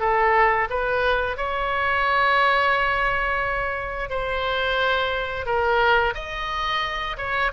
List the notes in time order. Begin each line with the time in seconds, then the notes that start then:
0.00 A4
0.70 B4
1.37 C#5
4.10 C5
5.46 A#4
6.15 D#5
7.18 C#5